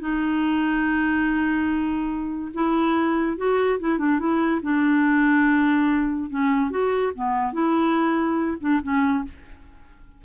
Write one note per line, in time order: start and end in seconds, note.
0.00 2.52 D#4
2.54 3.37 E4
3.37 3.79 F#4
3.80 3.99 E4
3.99 4.19 D4
4.19 4.61 E4
4.63 6.30 D4
6.30 6.71 C#4
6.71 7.13 F#4
7.16 7.53 B3
7.53 8.58 E4
8.61 8.81 D4
8.83 9.25 C#4